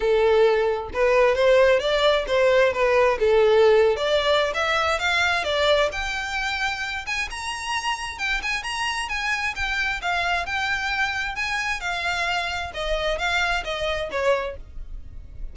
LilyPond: \new Staff \with { instrumentName = "violin" } { \time 4/4 \tempo 4 = 132 a'2 b'4 c''4 | d''4 c''4 b'4 a'4~ | a'8. d''4~ d''16 e''4 f''4 | d''4 g''2~ g''8 gis''8 |
ais''2 g''8 gis''8 ais''4 | gis''4 g''4 f''4 g''4~ | g''4 gis''4 f''2 | dis''4 f''4 dis''4 cis''4 | }